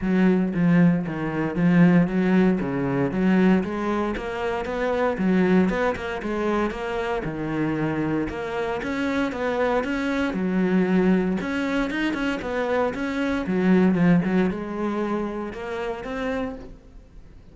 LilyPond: \new Staff \with { instrumentName = "cello" } { \time 4/4 \tempo 4 = 116 fis4 f4 dis4 f4 | fis4 cis4 fis4 gis4 | ais4 b4 fis4 b8 ais8 | gis4 ais4 dis2 |
ais4 cis'4 b4 cis'4 | fis2 cis'4 dis'8 cis'8 | b4 cis'4 fis4 f8 fis8 | gis2 ais4 c'4 | }